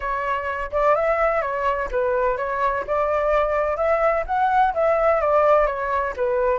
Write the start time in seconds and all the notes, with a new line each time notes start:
0.00 C#5
0.71 D5
0.95 E5
1.41 C#5
1.91 B4
2.37 C#5
2.86 D5
3.76 E5
4.26 F#5
4.74 E5
5.20 D5
5.66 C#5
6.16 B4